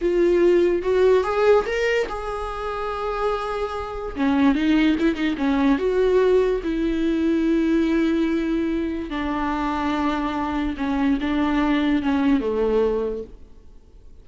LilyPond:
\new Staff \with { instrumentName = "viola" } { \time 4/4 \tempo 4 = 145 f'2 fis'4 gis'4 | ais'4 gis'2.~ | gis'2 cis'4 dis'4 | e'8 dis'8 cis'4 fis'2 |
e'1~ | e'2 d'2~ | d'2 cis'4 d'4~ | d'4 cis'4 a2 | }